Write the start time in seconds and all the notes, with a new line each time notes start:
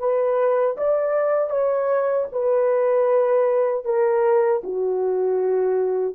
0.00 B4
0.78 D5
1.50 C#5
2.33 B4
3.85 A#4
4.64 F#4